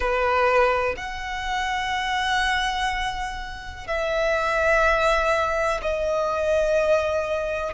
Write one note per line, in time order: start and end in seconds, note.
0.00 0.95 B4
0.96 3.87 F#5
3.87 5.81 E5
5.82 7.73 D#5